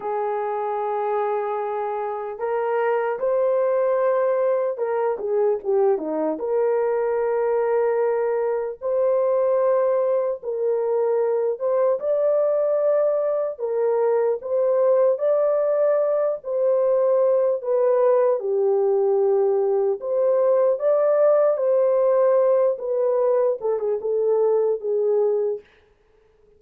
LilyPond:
\new Staff \with { instrumentName = "horn" } { \time 4/4 \tempo 4 = 75 gis'2. ais'4 | c''2 ais'8 gis'8 g'8 dis'8 | ais'2. c''4~ | c''4 ais'4. c''8 d''4~ |
d''4 ais'4 c''4 d''4~ | d''8 c''4. b'4 g'4~ | g'4 c''4 d''4 c''4~ | c''8 b'4 a'16 gis'16 a'4 gis'4 | }